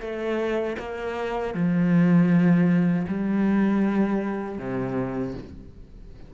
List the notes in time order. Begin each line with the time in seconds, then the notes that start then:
0.00 A3
0.79 A#3
1.54 F3
3.08 G3
4.58 C3